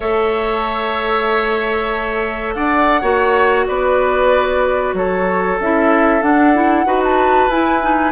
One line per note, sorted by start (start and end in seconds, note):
0.00 2.55 A3
0.00 3.01 A4
0.00 2.53 C#5
0.00 2.54 E5
2.54 3.02 D4
2.54 3.01 D5
2.54 3.66 F#5
3.01 3.66 A#3
3.01 5.57 F#4
3.01 3.64 C#5
3.66 4.93 B3
3.66 4.95 B4
3.66 4.94 D5
4.93 5.57 F#3
4.93 6.86 A4
4.93 5.59 C#5
5.59 6.21 C#4
5.59 6.21 E4
5.59 6.22 E5
6.21 6.53 D4
6.21 6.85 D4
6.21 7.01 F#5
6.54 6.85 E4
6.85 7.48 D#4
6.85 7.49 F#4
6.85 8.11 B4
7.04 7.51 A5
7.48 8.11 E4
7.48 7.82 E4
7.48 8.11 G#5
7.82 8.11 D#4